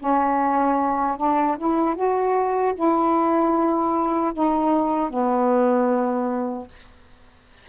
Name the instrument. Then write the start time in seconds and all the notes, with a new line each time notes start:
saxophone
0.00 C#4
1.18 D4
1.58 E4
1.96 F#4
2.75 E4
4.34 D#4
5.11 B3